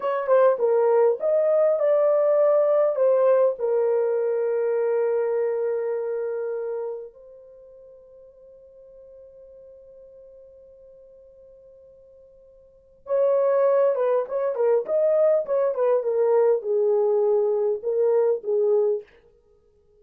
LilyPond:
\new Staff \with { instrumentName = "horn" } { \time 4/4 \tempo 4 = 101 cis''8 c''8 ais'4 dis''4 d''4~ | d''4 c''4 ais'2~ | ais'1 | c''1~ |
c''1~ | c''2 cis''4. b'8 | cis''8 ais'8 dis''4 cis''8 b'8 ais'4 | gis'2 ais'4 gis'4 | }